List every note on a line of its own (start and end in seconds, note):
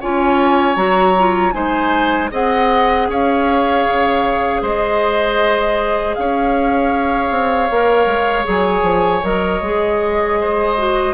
0.00 0.76 C#4
0.00 0.76 F4
0.00 1.54 C#5
0.00 0.76 G#5
0.76 1.53 F#3
0.76 1.14 F#4
0.76 1.52 A#5
1.19 1.52 F4
1.52 2.31 G#3
1.52 2.29 D#4
1.52 2.31 C5
1.52 2.29 G#5
2.31 3.08 C4
2.31 7.69 G#4
2.31 3.08 D#5
2.31 3.10 F#5
3.08 3.85 C#4
3.08 4.62 C#5
3.08 4.63 F5
3.86 4.62 C#3
4.62 6.16 G#3
4.62 6.15 C5
4.62 6.15 D#5
6.15 7.30 C#4
6.15 10.40 C#5
6.15 8.45 F5
7.30 7.69 C4
7.70 8.06 A#3
7.70 8.44 A#4
8.06 8.44 G#3
8.44 8.82 F#3
8.44 9.21 G#4
8.44 9.24 G#5
8.82 9.21 F3
9.23 9.61 F#3
9.23 9.61 A#4
9.23 11.14 D#5
9.61 11.14 G#3
9.61 10.77 G#4
10.40 11.14 C5
10.77 11.14 F#4